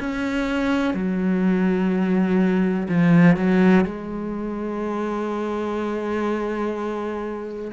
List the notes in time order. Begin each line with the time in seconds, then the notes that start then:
0.00 C#4
0.94 F#3
2.89 F3
3.37 F#3
3.85 G#3